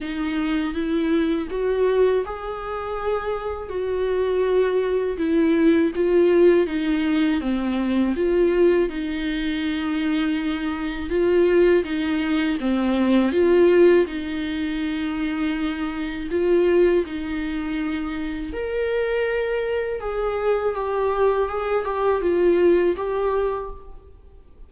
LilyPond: \new Staff \with { instrumentName = "viola" } { \time 4/4 \tempo 4 = 81 dis'4 e'4 fis'4 gis'4~ | gis'4 fis'2 e'4 | f'4 dis'4 c'4 f'4 | dis'2. f'4 |
dis'4 c'4 f'4 dis'4~ | dis'2 f'4 dis'4~ | dis'4 ais'2 gis'4 | g'4 gis'8 g'8 f'4 g'4 | }